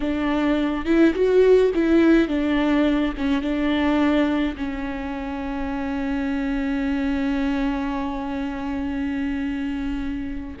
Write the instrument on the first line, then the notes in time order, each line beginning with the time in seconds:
viola
0.00 D4
0.85 E4
1.14 F#4
1.74 E4
2.28 D4
3.17 C#4
3.41 D4
4.57 C#4